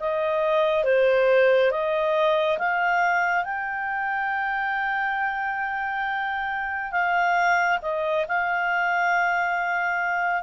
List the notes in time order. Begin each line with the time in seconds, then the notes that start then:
0.00 D#5
0.84 C5
1.71 D#5
2.58 F5
3.45 G5
6.92 F5
7.82 D#5
8.28 F5